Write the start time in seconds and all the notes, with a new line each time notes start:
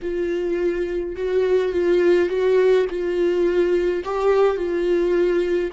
0.02 F4
1.16 F#4
1.72 F4
2.29 F#4
2.89 F4
4.04 G4
4.56 F4